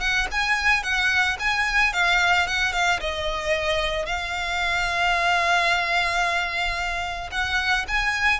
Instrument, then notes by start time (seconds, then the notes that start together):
violin
0.00 F#5
0.31 G#5
0.83 F#5
1.39 G#5
1.93 F5
2.47 F#5
2.72 F5
3.00 D#5
4.05 F5
7.31 F#5
7.87 G#5